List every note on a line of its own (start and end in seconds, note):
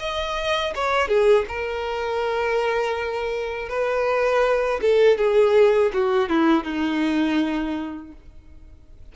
0.00 0.74 D#5
0.75 1.09 C#5
1.09 1.46 G#4
1.49 3.69 A#4
3.69 4.80 B4
4.82 5.18 A4
5.18 5.92 G#4
5.94 6.29 F#4
6.29 6.64 E4
6.64 8.12 D#4